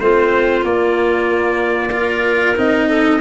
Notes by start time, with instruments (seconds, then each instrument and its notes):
0.00 tuba A3, cello C4, clarinet F4, trumpet C5
0.62 cello A#3, tuba A#3, trumpet D5
1.92 cello F4, clarinet A#4
2.56 tuba C4, cello D#4, trumpet D#5
2.88 clarinet A4